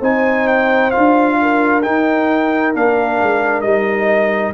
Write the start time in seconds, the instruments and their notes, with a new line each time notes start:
0.00 tuba C4, trombone D#4, horn C5, trumpet G#5
0.48 trumpet G5
0.91 trombone F4, trumpet F5
0.97 tuba D4
1.42 horn A#4
1.83 trombone D#4, tuba D#4, trumpet G5
2.75 tuba A#3, trombone D4, trumpet F5
3.22 tuba G#3
3.62 tuba G3, trombone D#4, trumpet D#5